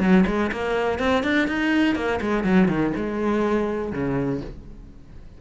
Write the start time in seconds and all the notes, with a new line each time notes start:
0.00 F#3
0.27 G#3
0.52 A#3
0.99 C4
1.24 D4
1.48 D#4
1.96 A#3
2.21 G#3
2.44 F#3
2.68 D#3
2.97 G#3
3.92 C#3